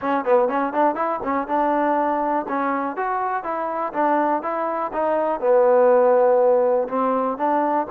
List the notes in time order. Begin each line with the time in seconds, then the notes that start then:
0.01 C#4
0.25 B3
0.48 C#4
0.73 D4
0.95 E4
1.23 C#4
1.47 D4
2.48 C#4
2.96 F#4
3.43 E4
3.93 D4
4.42 E4
4.92 D#4
5.40 B3
6.88 C4
7.37 D4